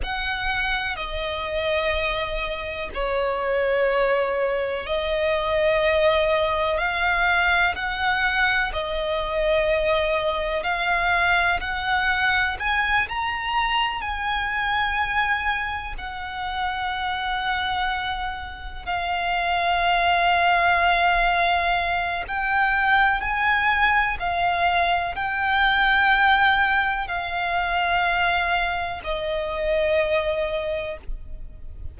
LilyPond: \new Staff \with { instrumentName = "violin" } { \time 4/4 \tempo 4 = 62 fis''4 dis''2 cis''4~ | cis''4 dis''2 f''4 | fis''4 dis''2 f''4 | fis''4 gis''8 ais''4 gis''4.~ |
gis''8 fis''2. f''8~ | f''2. g''4 | gis''4 f''4 g''2 | f''2 dis''2 | }